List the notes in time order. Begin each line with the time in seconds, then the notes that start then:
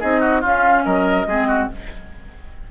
0.00 C4 D#4 G#4 D#5
0.20 F#4
0.41 C#4 F4 F5
0.85 F#3 A#4 D#5
1.26 G#3 C4 G#4
1.47 F#4